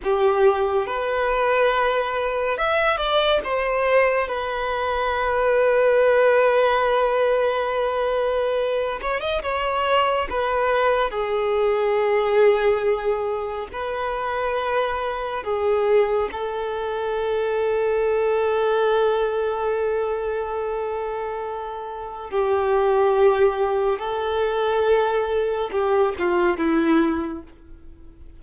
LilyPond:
\new Staff \with { instrumentName = "violin" } { \time 4/4 \tempo 4 = 70 g'4 b'2 e''8 d''8 | c''4 b'2.~ | b'2~ b'8 cis''16 dis''16 cis''4 | b'4 gis'2. |
b'2 gis'4 a'4~ | a'1~ | a'2 g'2 | a'2 g'8 f'8 e'4 | }